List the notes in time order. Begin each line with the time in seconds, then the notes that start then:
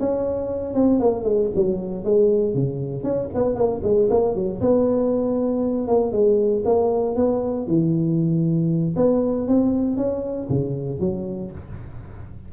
0.00 C#4
0.74 C4
1.00 A#3
1.24 G#3
1.55 F#3
2.04 G#3
2.54 C#3
3.03 C#4
3.34 B3
3.55 A#3
3.83 G#3
4.10 A#3
4.35 F#3
4.61 B3
5.88 A#3
6.12 G#3
6.65 A#3
7.16 B3
7.67 E3
8.96 B3
9.48 C4
9.97 C#4
10.49 C#3
11.00 F#3